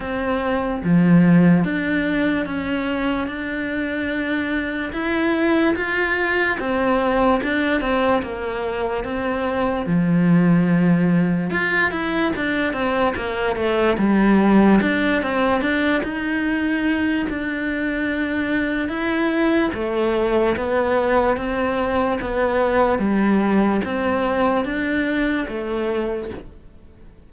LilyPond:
\new Staff \with { instrumentName = "cello" } { \time 4/4 \tempo 4 = 73 c'4 f4 d'4 cis'4 | d'2 e'4 f'4 | c'4 d'8 c'8 ais4 c'4 | f2 f'8 e'8 d'8 c'8 |
ais8 a8 g4 d'8 c'8 d'8 dis'8~ | dis'4 d'2 e'4 | a4 b4 c'4 b4 | g4 c'4 d'4 a4 | }